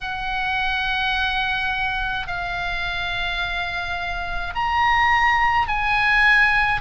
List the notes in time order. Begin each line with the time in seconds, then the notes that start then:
0.01 F#5
2.27 F5
4.54 A#5
5.68 G#5